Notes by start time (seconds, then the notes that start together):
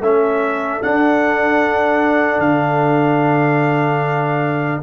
0.00 A3 C#4 A4 E5
0.82 D4 F#5
2.38 D3 F5